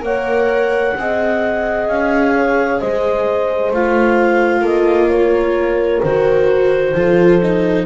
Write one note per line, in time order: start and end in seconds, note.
0.00 0.95 A#3
0.00 0.92 A#4
0.00 0.97 C#5
0.00 1.88 F#5
0.95 1.88 C4
0.95 3.74 G#4
0.95 2.35 D#5
1.88 2.80 C#4
1.88 2.79 F5
2.35 2.81 C#5
2.79 3.71 G#3
2.79 4.62 C5
2.79 3.72 D#5
3.71 4.61 A3
3.71 6.04 F4
3.71 4.66 F5
4.61 6.00 A#3
4.61 5.08 A4
4.61 5.10 D#5
5.10 6.95 A#4
5.10 6.02 C#5
6.02 6.95 D#3
6.02 6.96 F#4
6.02 7.86 C5
6.95 7.86 F3
6.95 7.42 F4
6.95 7.86 A4
7.43 7.86 D#4